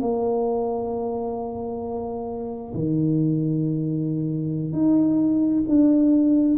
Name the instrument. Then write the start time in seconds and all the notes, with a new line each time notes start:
tuba
0.00 A#3
2.74 D#3
4.72 D#4
5.68 D4